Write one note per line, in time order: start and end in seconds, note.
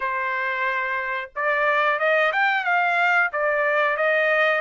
0.00 1.30 C5
1.35 1.99 D5
1.99 2.32 D#5
2.32 2.64 G5
2.64 3.30 F5
3.32 3.96 D5
3.96 4.61 D#5